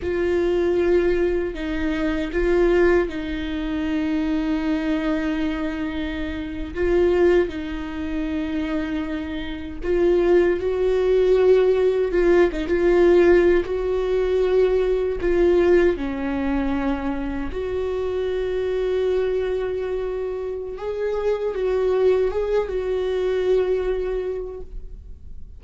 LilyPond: \new Staff \with { instrumentName = "viola" } { \time 4/4 \tempo 4 = 78 f'2 dis'4 f'4 | dis'1~ | dis'8. f'4 dis'2~ dis'16~ | dis'8. f'4 fis'2 f'16~ |
f'16 dis'16 f'4~ f'16 fis'2 f'16~ | f'8. cis'2 fis'4~ fis'16~ | fis'2. gis'4 | fis'4 gis'8 fis'2~ fis'8 | }